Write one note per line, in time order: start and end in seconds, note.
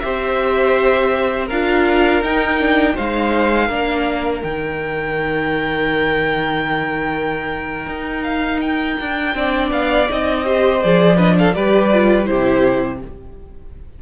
0.00 1.50 C4
0.00 1.48 G4
0.00 1.47 C5
0.00 1.46 E5
1.47 2.21 D4
1.47 2.23 F4
1.47 2.93 A#4
1.47 2.22 F5
2.21 2.95 D#4
2.21 2.59 D#4
2.21 2.97 G5
2.59 2.96 D4
2.94 3.69 G#3
2.94 3.69 D#4
2.94 3.67 C5
2.94 4.42 F5
3.67 4.42 A#3
3.67 4.42 D4
3.67 9.34 A#4
4.42 7.86 D#3
4.42 9.34 D#4
4.42 8.23 G5
7.86 8.96 D#4
8.23 8.60 F5
8.60 9.70 G5
9.00 9.34 D4
9.34 9.71 C4
9.34 10.07 D4
9.34 10.44 D5
9.71 10.07 B3
9.71 10.08 F5
10.09 10.84 C4
10.09 10.44 D#4
10.09 10.82 D#5
10.44 10.81 G4
10.44 11.16 C5
10.82 11.55 F3
10.82 11.17 G#4
10.82 11.17 D5
11.16 11.54 D4
11.16 11.34 B4
11.16 11.36 D#5
11.38 11.55 A4
11.38 11.54 F5
11.54 12.28 G3
11.54 11.91 G4
11.54 12.28 B4
11.54 12.26 D5
11.93 12.25 F4
12.25 13.02 C3
12.25 12.98 E4
12.25 13.01 G4
12.25 12.99 C5